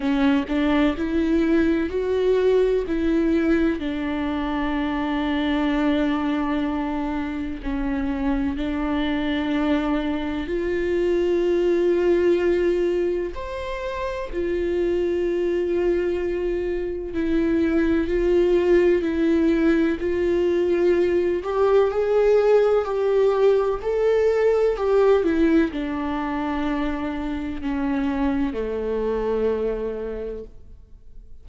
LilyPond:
\new Staff \with { instrumentName = "viola" } { \time 4/4 \tempo 4 = 63 cis'8 d'8 e'4 fis'4 e'4 | d'1 | cis'4 d'2 f'4~ | f'2 c''4 f'4~ |
f'2 e'4 f'4 | e'4 f'4. g'8 gis'4 | g'4 a'4 g'8 e'8 d'4~ | d'4 cis'4 a2 | }